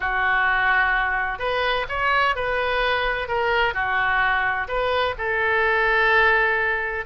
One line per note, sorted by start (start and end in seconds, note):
0.00 1.38 F#4
1.38 1.85 B4
1.89 2.35 C#5
2.35 3.28 B4
3.28 3.74 A#4
3.74 4.67 F#4
4.67 5.14 B4
5.18 7.05 A4